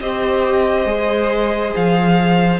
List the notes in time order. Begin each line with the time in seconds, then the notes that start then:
0.00 C4 G4 C5 D#5
0.85 G#3 G#4
1.76 F3 F5